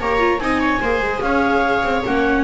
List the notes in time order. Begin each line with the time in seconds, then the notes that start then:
0.00 A#3 G4 C#5 A#5
0.20 F4
0.39 C4 D#4 D#5 G#5
0.60 C#5
0.81 A#3 G#4 C5
1.01 G#3
1.21 C#4 C#5 F5
1.84 C4
2.05 A#3 C#4 F#5